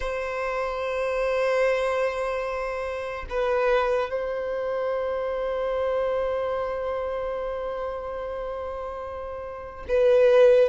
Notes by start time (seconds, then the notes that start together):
0.00 C5
3.29 B4
4.10 C5
9.88 B4